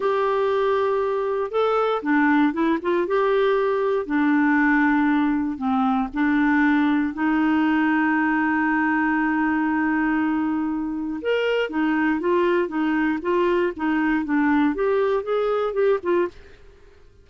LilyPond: \new Staff \with { instrumentName = "clarinet" } { \time 4/4 \tempo 4 = 118 g'2. a'4 | d'4 e'8 f'8 g'2 | d'2. c'4 | d'2 dis'2~ |
dis'1~ | dis'2 ais'4 dis'4 | f'4 dis'4 f'4 dis'4 | d'4 g'4 gis'4 g'8 f'8 | }